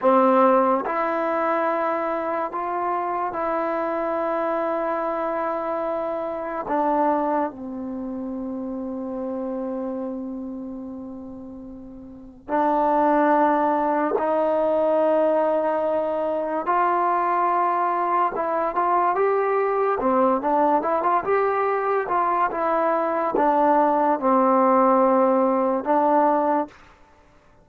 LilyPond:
\new Staff \with { instrumentName = "trombone" } { \time 4/4 \tempo 4 = 72 c'4 e'2 f'4 | e'1 | d'4 c'2.~ | c'2. d'4~ |
d'4 dis'2. | f'2 e'8 f'8 g'4 | c'8 d'8 e'16 f'16 g'4 f'8 e'4 | d'4 c'2 d'4 | }